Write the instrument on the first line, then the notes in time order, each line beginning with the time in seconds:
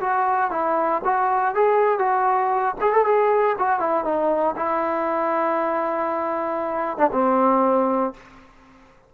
trombone
0.00 F#4
0.51 E4
1.04 F#4
1.55 G#4
1.99 F#4
2.81 G#4
2.93 A4
3.05 G#4
3.58 F#4
3.80 E4
4.04 D#4
4.56 E4
6.98 D4
7.12 C4